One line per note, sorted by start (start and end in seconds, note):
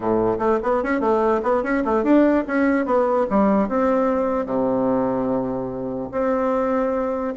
0.00 0.38 A2
0.38 0.59 A3
0.62 0.83 B3
0.83 1.00 C#4
1.00 1.41 A3
1.42 1.63 B3
1.63 1.83 C#4
1.85 2.03 A3
2.03 2.44 D4
2.47 2.85 C#4
2.85 3.26 B3
3.30 3.68 G3
3.68 4.45 C4
4.45 6.09 C3
6.11 7.34 C4